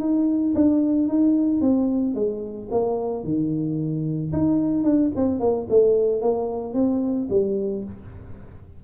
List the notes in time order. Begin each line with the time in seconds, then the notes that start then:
0.00 D#4
0.55 D4
1.08 D#4
1.62 C4
2.15 G#3
2.71 A#3
3.24 D#3
4.33 D#4
4.84 D4
5.16 C4
5.40 A#3
5.70 A3
6.22 A#3
6.74 C4
7.30 G3